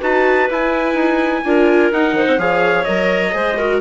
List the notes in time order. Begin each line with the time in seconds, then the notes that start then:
0.00 D#4 F#4 B4 A5
0.50 E4 G#5
0.95 D#4
1.45 D4 F4 A#4
1.92 D#4 F#5
2.13 D#3 C5
2.28 C4
2.38 F3 G#4 C#5 F5
2.85 F#3 A#4 D#5
3.32 G#3 G#4 C5
3.58 F#4 A#4